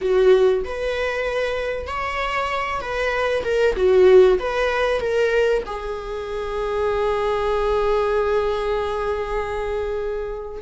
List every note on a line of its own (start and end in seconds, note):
0.01 0.63 F#4
0.64 1.86 B4
1.86 2.80 C#5
2.80 3.43 B4
3.44 3.75 A#4
3.76 4.38 F#4
4.39 5.00 B4
5.00 5.62 A#4
5.66 10.62 G#4